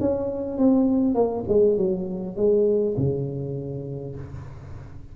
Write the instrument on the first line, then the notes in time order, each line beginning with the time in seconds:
tuba
0.00 C#4
0.58 C4
1.14 A#3
1.48 G#3
1.77 F#3
2.36 G#3
2.97 C#3